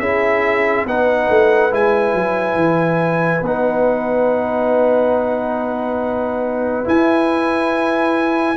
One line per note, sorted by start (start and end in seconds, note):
0.00 0.86 C#4
0.00 0.88 E4
0.00 0.86 G#4
0.00 0.86 E5
0.87 1.29 B3
0.87 1.71 D#4
0.87 8.57 B4
0.87 1.74 F#5
1.30 1.73 A3
1.71 2.14 G#3
1.71 3.43 E4
1.71 3.46 G#5
2.14 2.56 F#3
2.56 3.41 E3
3.43 6.86 B3
3.43 6.85 D#4
3.43 6.88 F#5
6.85 8.56 E4
6.85 8.57 E4
6.85 8.57 G#5